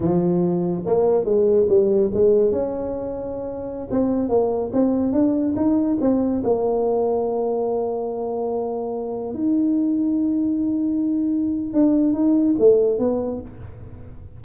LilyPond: \new Staff \with { instrumentName = "tuba" } { \time 4/4 \tempo 4 = 143 f2 ais4 gis4 | g4 gis4 cis'2~ | cis'4~ cis'16 c'4 ais4 c'8.~ | c'16 d'4 dis'4 c'4 ais8.~ |
ais1~ | ais2~ ais16 dis'4.~ dis'16~ | dis'1 | d'4 dis'4 a4 b4 | }